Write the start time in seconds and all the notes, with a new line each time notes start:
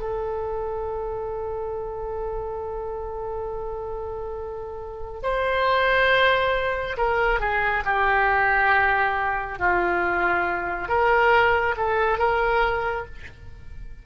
0.00 A4
5.23 C5
6.97 A#4
7.40 G#4
7.85 G4
9.59 F4
10.89 A#4
11.77 A4
12.19 A#4